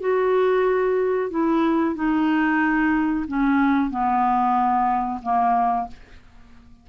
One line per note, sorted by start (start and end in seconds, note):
0.00 1.30 F#4
1.30 1.95 E4
1.95 3.25 D#4
3.28 3.90 C#4
3.90 5.21 B3
5.22 5.87 A#3